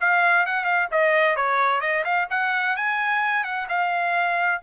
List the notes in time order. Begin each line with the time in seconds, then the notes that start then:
0.00 F5
0.46 F#5
0.64 F5
0.91 D#5
1.36 C#5
1.80 D#5
2.04 F5
2.30 F#5
2.76 G#5
3.44 F#5
3.68 F5